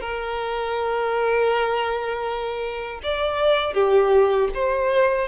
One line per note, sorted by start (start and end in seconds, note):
0.00 3.00 A#4
3.03 3.74 D5
3.74 4.49 G4
4.54 5.28 C5